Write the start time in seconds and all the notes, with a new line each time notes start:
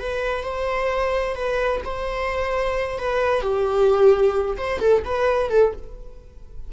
0.00 B4
0.44 C5
1.36 B4
1.85 C5
2.99 B4
3.42 G4
4.58 C5
4.80 A4
5.05 B4
5.50 A4